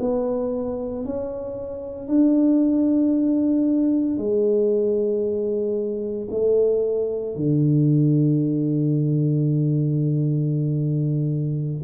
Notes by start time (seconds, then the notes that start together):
0.00 B3
1.05 C#4
2.08 D4
4.17 G#3
6.30 A3
7.35 D3